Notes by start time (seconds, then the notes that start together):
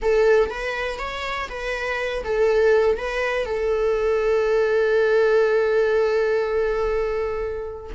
0.02 A4
0.50 B4
0.98 C#5
1.49 B4
2.24 A4
2.97 B4
3.45 A4